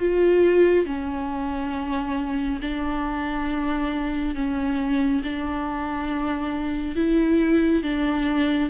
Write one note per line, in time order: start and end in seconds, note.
0.00 0.86 F4
0.86 2.60 C#4
2.62 4.36 D4
4.36 5.23 C#4
5.24 6.96 D4
6.96 7.83 E4
7.83 8.70 D4